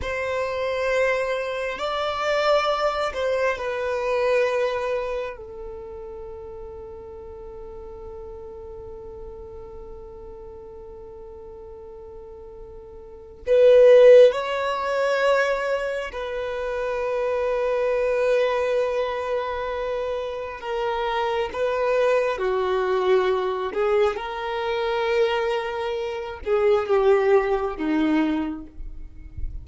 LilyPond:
\new Staff \with { instrumentName = "violin" } { \time 4/4 \tempo 4 = 67 c''2 d''4. c''8 | b'2 a'2~ | a'1~ | a'2. b'4 |
cis''2 b'2~ | b'2. ais'4 | b'4 fis'4. gis'8 ais'4~ | ais'4. gis'8 g'4 dis'4 | }